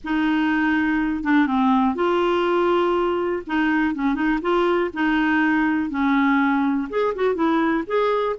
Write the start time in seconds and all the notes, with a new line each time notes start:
0.04 D#4
1.23 D4
1.46 C4
1.95 F4
3.46 D#4
3.94 C#4
4.14 D#4
4.42 F4
4.93 D#4
5.90 C#4
6.89 G#4
7.15 F#4
7.35 E4
7.86 G#4